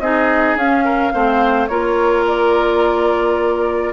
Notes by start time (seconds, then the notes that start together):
0.00 C4 D#4 G#4 D#5
0.55 C#4 F5
0.85 A#4
1.12 A3 C4 C5
1.68 A#3 F4 A#4 C#5
2.27 D5